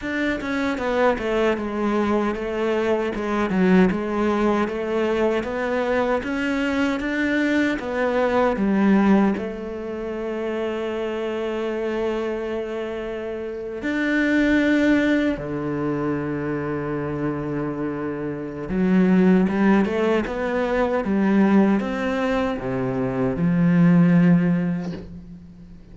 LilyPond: \new Staff \with { instrumentName = "cello" } { \time 4/4 \tempo 4 = 77 d'8 cis'8 b8 a8 gis4 a4 | gis8 fis8 gis4 a4 b4 | cis'4 d'4 b4 g4 | a1~ |
a4.~ a16 d'2 d16~ | d1 | fis4 g8 a8 b4 g4 | c'4 c4 f2 | }